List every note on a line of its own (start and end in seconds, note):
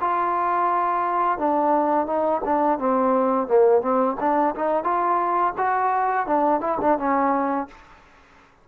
0.00 1.38 F4
1.38 2.06 D4
2.06 2.41 D#4
2.44 2.78 D4
2.78 3.47 C4
3.47 3.81 A#3
3.81 4.16 C4
4.19 4.54 D4
4.55 4.83 D#4
4.83 5.53 F4
5.57 6.26 F#4
6.26 6.60 D4
6.60 6.77 E4
6.81 6.98 D4
6.98 7.67 C#4